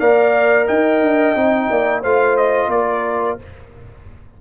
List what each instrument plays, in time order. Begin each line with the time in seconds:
0.00 tuba A#3, trombone A#4, horn D5, trumpet F5
0.67 tuba D#4, horn D#5, trumpet G5
1.02 tuba D4
1.36 tuba C4, trombone D#4
1.70 tuba A#3, horn D5
2.02 tuba A3, trombone F4, horn C5, trumpet F5
2.37 trumpet D#5
2.69 tuba A#3, horn A#4, trumpet D5